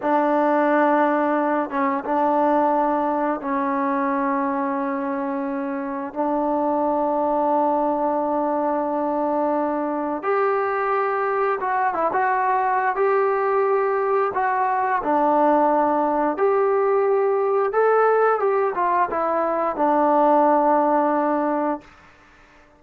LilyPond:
\new Staff \with { instrumentName = "trombone" } { \time 4/4 \tempo 4 = 88 d'2~ d'8 cis'8 d'4~ | d'4 cis'2.~ | cis'4 d'2.~ | d'2. g'4~ |
g'4 fis'8 e'16 fis'4~ fis'16 g'4~ | g'4 fis'4 d'2 | g'2 a'4 g'8 f'8 | e'4 d'2. | }